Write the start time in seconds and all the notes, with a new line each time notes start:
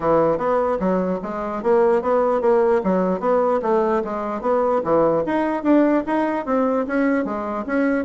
0.00 E3
0.37 B3
0.79 F#3
1.22 G#3
1.62 A#3
2.02 B3
2.41 A#3
2.83 F#3
3.20 B3
3.62 A3
4.04 G#3
4.41 B3
4.83 E3
5.26 D#4
5.63 D4
6.06 D#4
6.45 C4
6.87 C#4
7.24 G#3
7.66 C#4